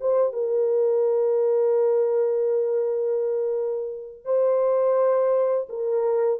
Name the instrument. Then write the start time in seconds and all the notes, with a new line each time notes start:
horn
0.00 C5
0.32 A#4
4.25 C5
5.69 A#4